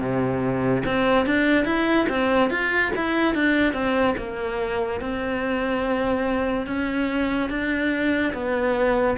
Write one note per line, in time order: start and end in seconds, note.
0.00 0.83 C3
0.86 1.26 C4
1.26 1.65 D4
1.65 2.07 E4
2.09 2.50 C4
2.50 2.92 F4
2.96 3.34 E4
3.34 3.73 D4
3.73 4.15 C4
4.17 5.01 A#3
5.01 6.67 C4
6.67 7.50 C#4
7.50 8.33 D4
8.33 9.17 B3